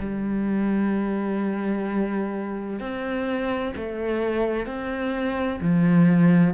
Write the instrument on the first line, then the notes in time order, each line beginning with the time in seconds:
cello
0.00 G3
2.80 C4
3.77 A3
4.67 C4
5.62 F3